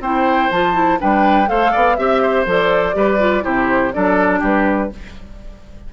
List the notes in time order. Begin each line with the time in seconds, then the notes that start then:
0.00 C4 E4 C5 G5
0.51 F3 F4 A5
0.74 E4
0.99 G3 D4 B4 G5
1.47 A3 A4 C5 F5
1.72 B3 D5
1.96 C4 G4 E5
2.23 C5
2.46 F3 A4 D5
2.94 G3 G4 B4
3.19 F4
3.42 C3 E4 G4 C5
3.93 F#3 D4 A4 D5
4.40 G3 G4 B4